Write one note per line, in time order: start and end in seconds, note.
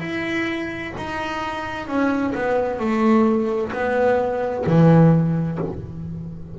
0.00 0.92 E4
0.97 1.88 D#4
1.88 2.34 C#4
2.35 2.79 B3
2.79 3.72 A3
3.72 4.64 B3
4.66 5.58 E3